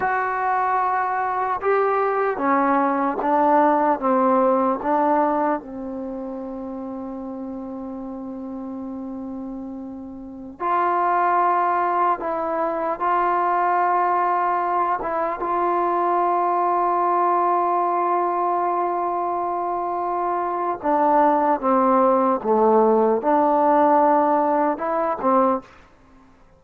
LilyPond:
\new Staff \with { instrumentName = "trombone" } { \time 4/4 \tempo 4 = 75 fis'2 g'4 cis'4 | d'4 c'4 d'4 c'4~ | c'1~ | c'4~ c'16 f'2 e'8.~ |
e'16 f'2~ f'8 e'8 f'8.~ | f'1~ | f'2 d'4 c'4 | a4 d'2 e'8 c'8 | }